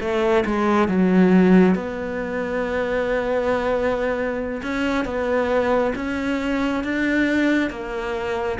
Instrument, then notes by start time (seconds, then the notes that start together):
cello
0.00 A3
0.45 G#3
0.88 F#3
1.74 B3
4.62 C#4
5.05 B3
5.95 C#4
6.83 D4
7.70 A#3